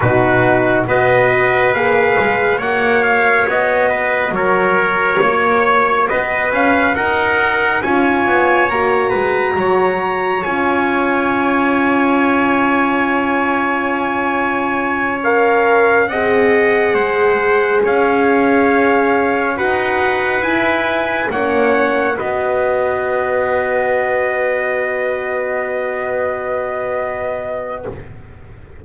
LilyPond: <<
  \new Staff \with { instrumentName = "trumpet" } { \time 4/4 \tempo 4 = 69 b'4 dis''4 f''4 fis''8 f''8 | dis''4 cis''2 dis''8 f''8 | fis''4 gis''4 ais''2 | gis''1~ |
gis''4. f''4 fis''4.~ | fis''8 f''2 fis''4 gis''8~ | gis''8 fis''4 dis''2~ dis''8~ | dis''1 | }
  \new Staff \with { instrumentName = "trumpet" } { \time 4/4 fis'4 b'2 cis''4~ | cis''8 b'8 ais'4 cis''4 b'4 | ais'4 cis''4. b'8 cis''4~ | cis''1~ |
cis''2~ cis''8 dis''4 c''8~ | c''8 cis''2 b'4.~ | b'8 cis''4 b'2~ b'8~ | b'1 | }
  \new Staff \with { instrumentName = "horn" } { \time 4/4 dis'4 fis'4 gis'4 fis'4~ | fis'1~ | fis'4 f'4 fis'2 | f'1~ |
f'4. ais'4 gis'4.~ | gis'2~ gis'8 fis'4 e'8~ | e'8 cis'4 fis'2~ fis'8~ | fis'1 | }
  \new Staff \with { instrumentName = "double bass" } { \time 4/4 b,4 b4 ais8 gis8 ais4 | b4 fis4 ais4 b8 cis'8 | dis'4 cis'8 b8 ais8 gis8 fis4 | cis'1~ |
cis'2~ cis'8 c'4 gis8~ | gis8 cis'2 dis'4 e'8~ | e'8 ais4 b2~ b8~ | b1 | }
>>